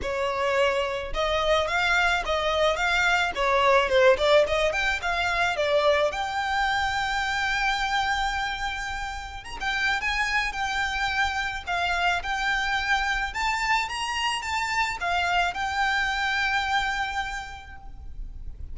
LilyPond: \new Staff \with { instrumentName = "violin" } { \time 4/4 \tempo 4 = 108 cis''2 dis''4 f''4 | dis''4 f''4 cis''4 c''8 d''8 | dis''8 g''8 f''4 d''4 g''4~ | g''1~ |
g''4 ais''16 g''8. gis''4 g''4~ | g''4 f''4 g''2 | a''4 ais''4 a''4 f''4 | g''1 | }